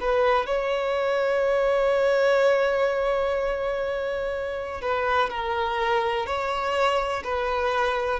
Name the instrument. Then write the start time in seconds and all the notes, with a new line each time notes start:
violin
0.00 B4
0.46 C#5
4.82 B4
5.30 A#4
6.26 C#5
7.24 B4